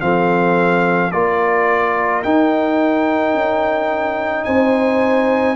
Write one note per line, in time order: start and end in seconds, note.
0.00 1.12 F3
0.00 1.11 C4
0.00 1.13 A4
0.00 1.11 F5
1.11 2.23 A#3
1.11 2.24 F4
1.11 4.46 A#4
1.11 2.22 D5
2.23 5.55 D#4
2.23 3.33 D#4
2.23 4.44 G5
3.33 4.44 C#4
4.44 5.55 C4
4.44 5.55 C5
4.44 5.55 G#5